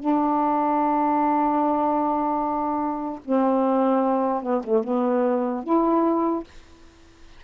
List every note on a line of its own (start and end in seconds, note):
0.00 3.20 D4
3.25 4.43 C4
4.43 4.63 B3
4.64 4.84 A3
4.84 5.64 B3
5.64 6.44 E4